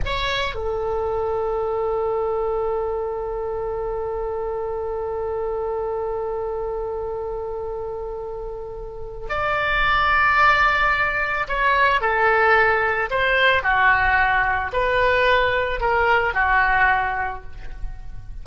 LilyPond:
\new Staff \with { instrumentName = "oboe" } { \time 4/4 \tempo 4 = 110 cis''4 a'2.~ | a'1~ | a'1~ | a'1~ |
a'4 d''2.~ | d''4 cis''4 a'2 | c''4 fis'2 b'4~ | b'4 ais'4 fis'2 | }